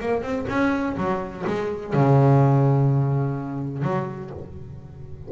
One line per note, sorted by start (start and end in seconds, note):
0.00 0.22 A#3
0.22 0.46 C4
0.48 0.96 C#4
0.97 1.44 F#3
1.47 1.93 G#3
1.93 3.83 C#3
3.83 4.30 F#3